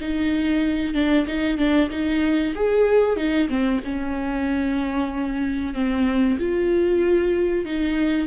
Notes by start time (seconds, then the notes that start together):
0.00 D#4
0.94 D4
1.26 D#4
1.57 D4
1.90 D#4
2.55 G#4
3.16 D#4
3.48 C4
3.84 C#4
5.74 C4
6.38 F4
7.65 D#4